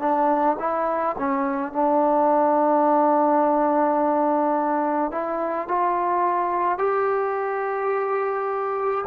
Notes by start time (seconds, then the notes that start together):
0.00 D4
0.60 E4
1.18 C#4
1.73 D4
5.12 E4
5.68 F4
6.79 G4